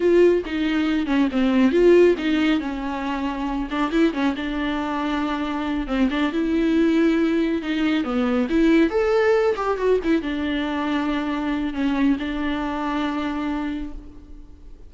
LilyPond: \new Staff \with { instrumentName = "viola" } { \time 4/4 \tempo 4 = 138 f'4 dis'4. cis'8 c'4 | f'4 dis'4 cis'2~ | cis'8 d'8 e'8 cis'8 d'2~ | d'4. c'8 d'8 e'4.~ |
e'4. dis'4 b4 e'8~ | e'8 a'4. g'8 fis'8 e'8 d'8~ | d'2. cis'4 | d'1 | }